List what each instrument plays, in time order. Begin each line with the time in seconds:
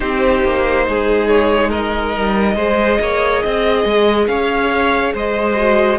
0.00 cello C4, viola D#4, violin G4 C5
0.44 cello A#3
0.88 cello G#3, violin G#4
1.28 violin C#5
1.69 violin A#4 D#5
2.16 cello G3
2.55 cello G#3, viola G#4, violin C5
3.00 cello A#3, violin C#5
3.42 cello C4, violin D#5
3.84 cello G#3
4.27 cello C#4, violin C#5 F5
5.13 cello G#3, violin C5 D#5
5.55 viola F#4